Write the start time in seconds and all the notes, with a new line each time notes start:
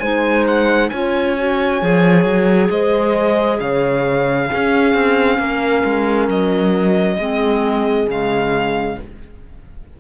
0.00 G#3 D#4 C5 G#5
0.48 F#5
0.90 C#4 F4 C#5 G#5
1.37 F#4
1.82 F3 G#4
2.25 F#3
2.70 G#3 C5 D#5
3.60 C#3 C#5 F5
4.49 C#4 G#4
4.55 C#4
4.94 C4
5.39 A#3 A#4
5.85 G#3
6.29 F#3 D#5
7.19 G#3 C4 G#4
8.07 C#3 G#3 F5